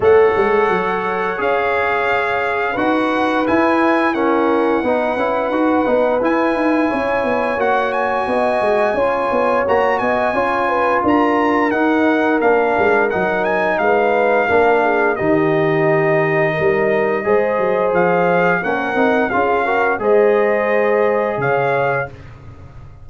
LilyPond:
<<
  \new Staff \with { instrumentName = "trumpet" } { \time 4/4 \tempo 4 = 87 fis''2 f''2 | fis''4 gis''4 fis''2~ | fis''4 gis''2 fis''8 gis''8~ | gis''2 ais''8 gis''4. |
ais''4 fis''4 f''4 fis''8 gis''8 | f''2 dis''2~ | dis''2 f''4 fis''4 | f''4 dis''2 f''4 | }
  \new Staff \with { instrumentName = "horn" } { \time 4/4 cis''1 | b'2 ais'4 b'4~ | b'2 cis''2 | dis''4 cis''4. dis''8 cis''8 b'8 |
ais'1 | b'4 ais'8 gis'8 g'2 | ais'4 c''2 ais'4 | gis'8 ais'8 c''2 cis''4 | }
  \new Staff \with { instrumentName = "trombone" } { \time 4/4 a'2 gis'2 | fis'4 e'4 cis'4 dis'8 e'8 | fis'8 dis'8 e'2 fis'4~ | fis'4 f'4 fis'4 f'4~ |
f'4 dis'4 d'4 dis'4~ | dis'4 d'4 dis'2~ | dis'4 gis'2 cis'8 dis'8 | f'8 fis'8 gis'2. | }
  \new Staff \with { instrumentName = "tuba" } { \time 4/4 a8 gis8 fis4 cis'2 | dis'4 e'2 b8 cis'8 | dis'8 b8 e'8 dis'8 cis'8 b8 ais4 | b8 gis8 cis'8 b8 ais8 b8 cis'4 |
d'4 dis'4 ais8 gis8 fis4 | gis4 ais4 dis2 | g4 gis8 fis8 f4 ais8 c'8 | cis'4 gis2 cis4 | }
>>